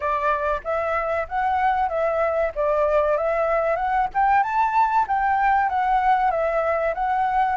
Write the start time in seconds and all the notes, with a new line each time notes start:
0.00 D5
0.64 E5
1.28 F#5
1.89 E5
2.55 D5
3.17 E5
3.76 F#5
4.14 G5
4.43 A5
5.07 G5
5.69 F#5
6.30 E5
6.94 F#5